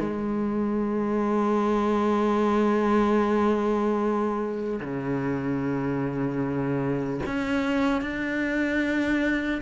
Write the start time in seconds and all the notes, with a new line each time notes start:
0.00 G#3
4.80 C#3
7.27 C#4
8.02 D4